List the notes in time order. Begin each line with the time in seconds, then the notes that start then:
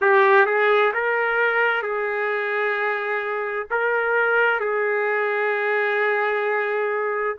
0.01 G4
0.46 G#4
0.93 A#4
1.82 G#4
3.70 A#4
4.59 G#4